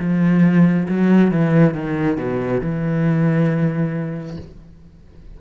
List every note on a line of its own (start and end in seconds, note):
0.00 0.88 F3
0.89 1.32 F#3
1.32 1.74 E3
1.74 2.17 D#3
2.17 2.61 B2
2.61 4.38 E3